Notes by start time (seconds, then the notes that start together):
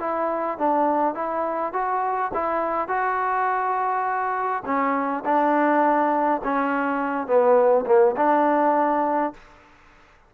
0.00 E4
0.58 D4
1.15 E4
1.73 F#4
2.34 E4
2.88 F#4
4.65 C#4
5.25 D4
6.44 C#4
7.27 B3
7.86 A#3
8.17 D4